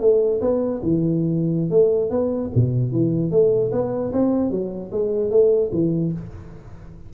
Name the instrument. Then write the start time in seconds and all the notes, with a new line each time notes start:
tuba
0.00 A3
0.41 B3
0.82 E3
1.70 A3
2.10 B3
2.55 B2
2.92 E3
3.31 A3
3.72 B3
4.12 C4
4.50 F#3
4.92 G#3
5.30 A3
5.72 E3